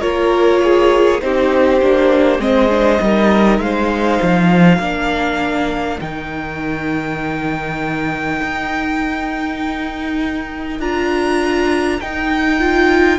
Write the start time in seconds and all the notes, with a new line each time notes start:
0.00 A#3 F4 A#4 C#5
0.63 G#4
1.21 C4 D#4 G4 C5
1.81 A#3 D4
2.38 G#3 C4 C5 D#5
2.69 D4
3.00 G3 D#4 A#4
3.59 G#3 C5 F5
4.22 F3
4.79 A#3 D4 A#4
6.00 D#3 D#4 G5
8.42 D#4
10.79 D4 F4 A#5
12.00 D#4 G5
12.59 F4